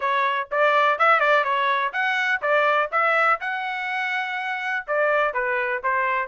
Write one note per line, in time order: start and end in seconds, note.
0.00 0.48 C#5
0.51 0.98 D5
0.98 1.20 E5
1.20 1.44 D5
1.44 1.92 C#5
1.92 2.41 F#5
2.41 2.90 D5
2.91 3.40 E5
3.40 4.85 F#5
4.87 5.33 D5
5.33 5.82 B4
5.83 6.27 C5